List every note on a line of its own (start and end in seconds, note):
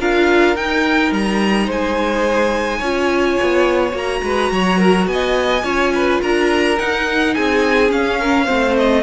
0.00 0.56 D4
0.00 0.56 F4
0.00 1.66 A#4
0.00 0.56 F5
0.56 1.12 D#4
0.56 2.82 D#4
0.56 1.13 G5
1.12 1.68 G3
1.12 1.70 A#5
1.66 2.81 G#3
1.66 2.78 C5
1.66 3.97 G#5
2.78 3.38 C#4
2.78 3.91 F4
2.78 4.20 C#5
3.42 3.94 B3
3.91 4.22 A#3
3.91 5.60 F#4
3.97 5.08 A#5
4.23 4.51 G#3
4.23 4.53 B4
4.52 5.07 F#3
4.52 4.79 C#5
4.79 5.07 A#4
5.07 5.64 B3
5.07 5.65 D#5
5.07 6.21 G#5
5.64 6.21 C#4
5.64 6.77 F4
5.64 5.93 C#5
5.95 6.22 B4
6.22 6.79 D4
6.22 7.35 A#4
6.22 6.79 A#5
6.79 7.88 D#4
6.79 7.37 D#4
6.79 7.35 F#5
7.35 7.92 C4
7.35 8.20 G#4
7.35 7.91 G#5
7.88 8.45 C#4
7.88 8.49 C#4
7.88 8.77 F5
8.20 8.45 A#4
8.45 9.03 A3
8.45 9.03 C4
8.45 9.02 C5
8.78 9.03 D#5